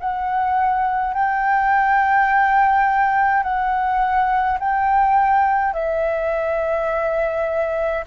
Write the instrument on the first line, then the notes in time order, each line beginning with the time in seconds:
flute
0.00 F#5
1.14 G5
3.43 F#5
4.59 G5
5.73 E5